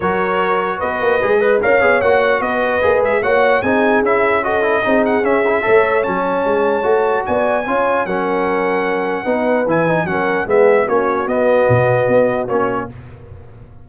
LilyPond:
<<
  \new Staff \with { instrumentName = "trumpet" } { \time 4/4 \tempo 4 = 149 cis''2 dis''2 | f''4 fis''4 dis''4. e''8 | fis''4 gis''4 e''4 dis''4~ | dis''8 fis''8 e''2 a''4~ |
a''2 gis''2 | fis''1 | gis''4 fis''4 e''4 cis''4 | dis''2. cis''4 | }
  \new Staff \with { instrumentName = "horn" } { \time 4/4 ais'2 b'4. dis''8 | cis''2 b'2 | cis''4 gis'2 a'4 | gis'2 cis''2~ |
cis''2 d''4 cis''4 | ais'2. b'4~ | b'4 ais'4 gis'4 fis'4~ | fis'1 | }
  \new Staff \with { instrumentName = "trombone" } { \time 4/4 fis'2. gis'8 b'8 | ais'8 gis'8 fis'2 gis'4 | fis'4 dis'4 e'4 fis'8 e'8 | dis'4 cis'8 e'8 a'4 cis'4~ |
cis'4 fis'2 f'4 | cis'2. dis'4 | e'8 dis'8 cis'4 b4 cis'4 | b2. cis'4 | }
  \new Staff \with { instrumentName = "tuba" } { \time 4/4 fis2 b8 ais8 gis4 | cis'8 b8 ais4 b4 ais8 gis8 | ais4 c'4 cis'2 | c'4 cis'4 a4 fis4 |
gis4 a4 b4 cis'4 | fis2. b4 | e4 fis4 gis4 ais4 | b4 b,4 b4 ais4 | }
>>